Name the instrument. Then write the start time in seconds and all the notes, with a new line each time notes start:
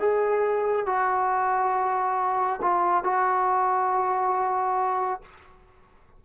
trombone
0.00 G#4
0.87 F#4
2.62 F4
3.04 F#4